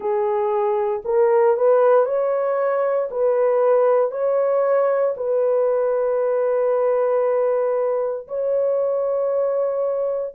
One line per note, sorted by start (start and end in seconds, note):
0.00 1.02 G#4
1.04 1.56 A#4
1.57 2.05 B4
2.05 3.08 C#5
3.10 4.11 B4
4.11 5.14 C#5
5.17 8.27 B4
8.28 10.34 C#5